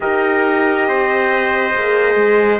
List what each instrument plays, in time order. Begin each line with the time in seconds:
0.00 cello D#4, horn G4, trumpet A#4 D#5
0.87 cello C4, trumpet C5
1.74 cello A#3, horn G#4
2.15 cello G#3